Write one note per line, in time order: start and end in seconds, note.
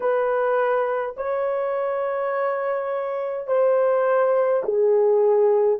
0.00 1.15 B4
1.16 3.47 C#5
3.47 4.62 C5
4.64 5.79 G#4